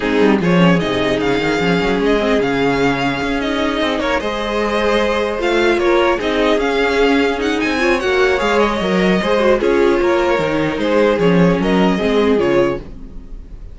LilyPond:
<<
  \new Staff \with { instrumentName = "violin" } { \time 4/4 \tempo 4 = 150 gis'4 cis''4 dis''4 f''4~ | f''4 dis''4 f''2~ | f''8 dis''4. cis''8 dis''4.~ | dis''4. f''4 cis''4 dis''8~ |
dis''8 f''2 fis''8 gis''4 | fis''4 f''8 dis''2~ dis''8 | cis''2. c''4 | cis''4 dis''2 cis''4 | }
  \new Staff \with { instrumentName = "violin" } { \time 4/4 dis'4 gis'2.~ | gis'1~ | gis'2 ais'8 c''4.~ | c''2~ c''8 ais'4 gis'8~ |
gis'2.~ gis'8 cis''8~ | cis''2. c''4 | gis'4 ais'2 gis'4~ | gis'4 ais'4 gis'2 | }
  \new Staff \with { instrumentName = "viola" } { \time 4/4 c'4 f'8 cis'8 dis'2 | cis'4. c'8 cis'2~ | cis'8 dis'2 gis'4.~ | gis'4. f'2 dis'8~ |
dis'8 cis'2 dis'4 f'8 | fis'4 gis'4 ais'4 gis'8 fis'8 | f'2 dis'2 | cis'2 c'4 f'4 | }
  \new Staff \with { instrumentName = "cello" } { \time 4/4 gis8 g8 f4 c4 cis8 dis8 | f8 fis8 gis4 cis2 | cis'4. c'8 ais8 gis4.~ | gis4. a4 ais4 c'8~ |
c'8 cis'2~ cis'8 c'4 | ais4 gis4 fis4 gis4 | cis'4 ais4 dis4 gis4 | f4 fis4 gis4 cis4 | }
>>